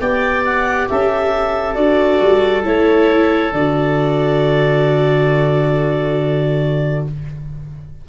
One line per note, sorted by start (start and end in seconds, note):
0.00 0.89 B3
0.00 1.75 G4
0.00 0.89 D5
0.00 0.44 G5
0.45 0.89 F#5
0.90 1.77 C#4
0.90 7.08 A4
0.90 1.75 E5
1.75 2.21 D4
1.75 2.63 F#4
1.75 2.63 D5
2.22 2.66 G3
2.64 3.53 A3
2.64 3.52 E4
2.64 3.54 C#5
3.53 7.06 D3
3.53 7.09 F#4
3.53 7.07 D5